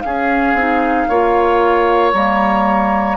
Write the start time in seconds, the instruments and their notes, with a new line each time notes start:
0.00 bassoon C#4, oboe G#4, flute F5
0.07 clarinet C#4
0.53 bassoon C4, clarinet D#4
1.08 bassoon A#3, clarinet F4, oboe C#5
2.12 bassoon G3, clarinet A#3, flute A#5